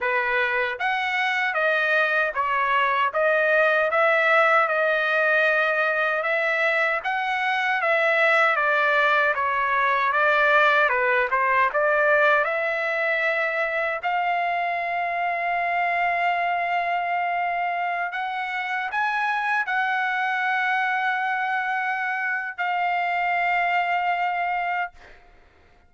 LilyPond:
\new Staff \with { instrumentName = "trumpet" } { \time 4/4 \tempo 4 = 77 b'4 fis''4 dis''4 cis''4 | dis''4 e''4 dis''2 | e''4 fis''4 e''4 d''4 | cis''4 d''4 b'8 c''8 d''4 |
e''2 f''2~ | f''2.~ f''16 fis''8.~ | fis''16 gis''4 fis''2~ fis''8.~ | fis''4 f''2. | }